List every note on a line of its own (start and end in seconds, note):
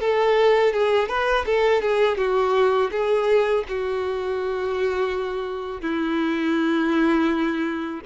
0.00 0.73 A4
0.73 1.08 G#4
1.08 1.45 B4
1.46 1.82 A4
1.82 2.18 G#4
2.18 2.91 F#4
2.91 3.65 G#4
3.68 5.81 F#4
5.81 8.01 E4